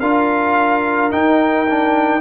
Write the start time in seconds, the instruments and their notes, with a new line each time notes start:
0.00 tuba D4, trombone F4, horn A#4, trumpet F5
1.12 trombone D#4, tuba D#4, trumpet G5
1.70 trombone D4